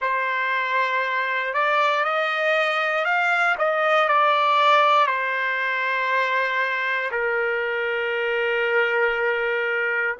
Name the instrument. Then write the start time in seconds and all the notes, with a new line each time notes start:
trumpet
0.01 C5
1.53 D5
2.04 D#5
3.04 F5
3.58 D#5
4.08 D5
5.07 C5
7.11 A#4